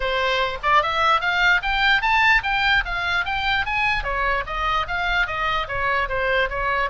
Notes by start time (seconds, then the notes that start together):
0.00 C5
0.62 D5
0.82 E5
1.20 F5
1.62 G5
2.01 A5
2.43 G5
2.85 F5
3.25 G5
3.65 G#5
4.03 C#5
4.46 D#5
4.87 F5
5.26 D#5
5.68 C#5
6.08 C5
6.49 C#5